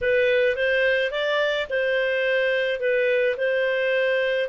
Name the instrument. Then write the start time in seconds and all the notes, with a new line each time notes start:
clarinet
0.01 B4
0.56 C5
1.11 D5
1.69 C5
2.80 B4
3.37 C5